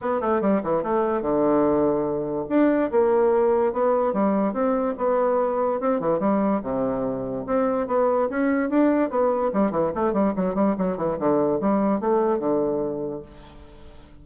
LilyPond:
\new Staff \with { instrumentName = "bassoon" } { \time 4/4 \tempo 4 = 145 b8 a8 g8 e8 a4 d4~ | d2 d'4 ais4~ | ais4 b4 g4 c'4 | b2 c'8 e8 g4 |
c2 c'4 b4 | cis'4 d'4 b4 g8 e8 | a8 g8 fis8 g8 fis8 e8 d4 | g4 a4 d2 | }